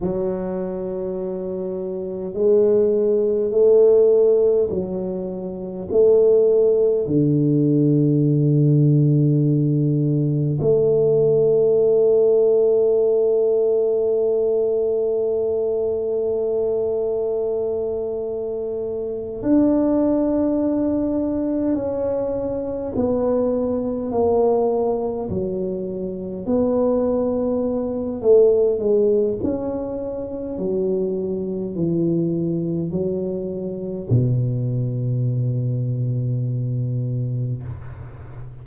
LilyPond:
\new Staff \with { instrumentName = "tuba" } { \time 4/4 \tempo 4 = 51 fis2 gis4 a4 | fis4 a4 d2~ | d4 a2.~ | a1~ |
a8 d'2 cis'4 b8~ | b8 ais4 fis4 b4. | a8 gis8 cis'4 fis4 e4 | fis4 b,2. | }